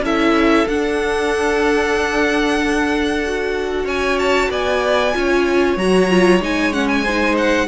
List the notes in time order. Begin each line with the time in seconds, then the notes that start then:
0.00 C#4 E4 A4 E5
0.67 D4 F#5
3.25 F#4
3.84 C#4 C#5 G#5
4.18 A5
4.50 B3 D5 G#5
5.13 C#4 F4 C#5
5.76 F#3 F#4 A#5
6.10 F4
6.40 G#3 D#4 G#5
6.72 C#4 F#5
6.87 G#5
7.03 D#4 C5
7.37 F#5